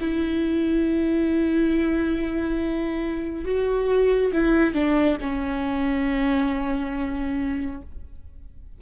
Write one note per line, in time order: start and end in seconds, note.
0.00 3.45 E4
3.45 4.32 F#4
4.32 4.74 E4
4.74 5.17 D4
5.21 7.81 C#4